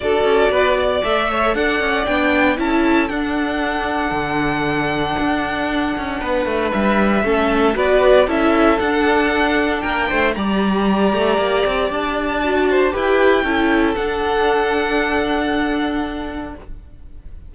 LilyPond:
<<
  \new Staff \with { instrumentName = "violin" } { \time 4/4 \tempo 4 = 116 d''2 e''4 fis''4 | g''4 a''4 fis''2~ | fis''1~ | fis''4 e''2 d''4 |
e''4 fis''2 g''4 | ais''2. a''4~ | a''4 g''2 fis''4~ | fis''1 | }
  \new Staff \with { instrumentName = "violin" } { \time 4/4 a'4 b'8 d''4 cis''8 d''4~ | d''4 a'2.~ | a'1 | b'2 a'4 b'4 |
a'2. ais'8 c''8 | d''1~ | d''8 c''8 b'4 a'2~ | a'1 | }
  \new Staff \with { instrumentName = "viola" } { \time 4/4 fis'2 a'2 | d'4 e'4 d'2~ | d'1~ | d'2 cis'4 fis'4 |
e'4 d'2. | g'1 | fis'4 g'4 e'4 d'4~ | d'1 | }
  \new Staff \with { instrumentName = "cello" } { \time 4/4 d'8 cis'8 b4 a4 d'8 cis'8 | b4 cis'4 d'2 | d2 d'4. cis'8 | b8 a8 g4 a4 b4 |
cis'4 d'2 ais8 a8 | g4. a8 ais8 c'8 d'4~ | d'4 e'4 cis'4 d'4~ | d'1 | }
>>